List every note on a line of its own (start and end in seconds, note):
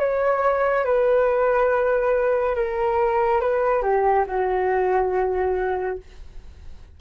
0.00 0.85 C#5
0.85 2.56 B4
2.56 3.41 A#4
3.41 3.83 B4
3.83 4.25 G4
4.27 5.98 F#4